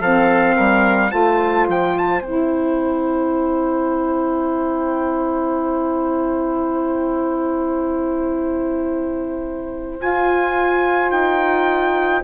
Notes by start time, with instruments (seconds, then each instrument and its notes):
0.00 bassoon F3, saxophone C4, oboe A4, trumpet F5
0.56 bassoon G3, oboe A#4
1.09 bassoon A3, saxophone F4, oboe C5, trumpet A5
1.68 bassoon F3, trumpet G5
1.98 trumpet A5
2.21 bassoon C4, saxophone E4, trumpet G5
9.99 saxophone F4, bassoon F4, trumpet G#5
11.11 bassoon D#4, trumpet G5